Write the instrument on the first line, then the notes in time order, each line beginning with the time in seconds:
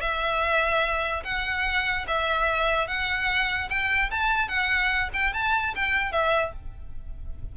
violin
0.00 E5
1.24 F#5
2.07 E5
2.87 F#5
3.69 G5
4.10 A5
4.48 F#5
5.13 G5
5.33 A5
5.75 G5
6.11 E5